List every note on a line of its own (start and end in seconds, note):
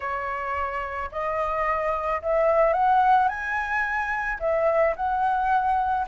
0.00 1.09 C#5
1.11 2.21 D#5
2.22 2.73 E5
2.73 3.28 F#5
3.28 4.38 G#5
4.39 4.94 E5
4.96 6.06 F#5